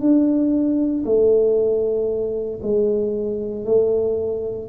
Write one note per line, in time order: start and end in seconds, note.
0.00 1.03 D4
1.05 2.60 A3
2.62 3.65 G#3
3.65 4.68 A3